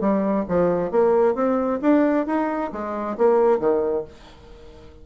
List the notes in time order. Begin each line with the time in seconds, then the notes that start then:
0.00 G3
0.48 F3
0.91 A#3
1.35 C4
1.82 D4
2.26 D#4
2.72 G#3
3.18 A#3
3.59 D#3